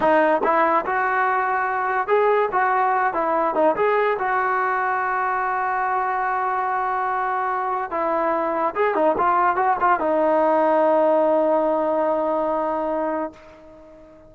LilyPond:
\new Staff \with { instrumentName = "trombone" } { \time 4/4 \tempo 4 = 144 dis'4 e'4 fis'2~ | fis'4 gis'4 fis'4. e'8~ | e'8 dis'8 gis'4 fis'2~ | fis'1~ |
fis'2. e'4~ | e'4 gis'8 dis'8 f'4 fis'8 f'8 | dis'1~ | dis'1 | }